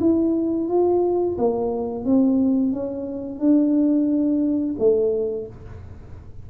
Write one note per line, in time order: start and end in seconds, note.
0.00 0.68 E4
0.68 1.37 F4
1.38 2.05 A#3
2.05 2.73 C4
2.73 3.39 C#4
3.39 4.75 D4
4.79 5.47 A3